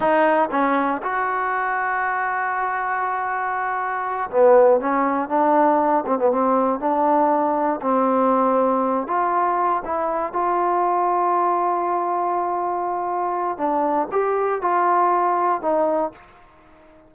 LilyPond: \new Staff \with { instrumentName = "trombone" } { \time 4/4 \tempo 4 = 119 dis'4 cis'4 fis'2~ | fis'1~ | fis'8 b4 cis'4 d'4. | c'16 b16 c'4 d'2 c'8~ |
c'2 f'4. e'8~ | e'8 f'2.~ f'8~ | f'2. d'4 | g'4 f'2 dis'4 | }